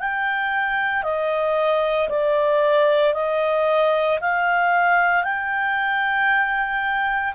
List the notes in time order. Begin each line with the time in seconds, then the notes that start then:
0.00 G5
1.03 D#5
2.09 D5
3.14 D#5
4.21 F5
5.24 G5